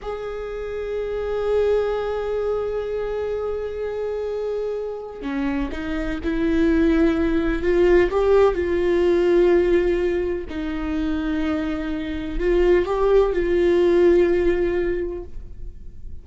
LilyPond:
\new Staff \with { instrumentName = "viola" } { \time 4/4 \tempo 4 = 126 gis'1~ | gis'1~ | gis'2. cis'4 | dis'4 e'2. |
f'4 g'4 f'2~ | f'2 dis'2~ | dis'2 f'4 g'4 | f'1 | }